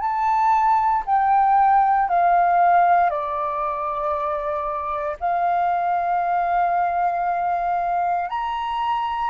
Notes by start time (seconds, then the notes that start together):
0.00 A5
1.06 G5
2.09 F5
3.10 D5
5.20 F5
8.30 A#5